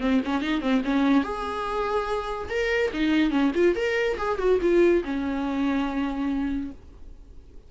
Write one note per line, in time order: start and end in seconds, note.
0.00 0.21 C4
0.24 0.41 C#4
0.41 0.61 D#4
0.61 0.82 C4
0.84 1.23 C#4
1.23 2.48 G#4
2.49 2.91 A#4
2.93 3.30 D#4
3.30 3.51 C#4
3.54 3.75 F4
3.75 4.17 A#4
4.17 4.38 G#4
4.38 4.59 F#4
4.61 5.03 F4
5.04 6.71 C#4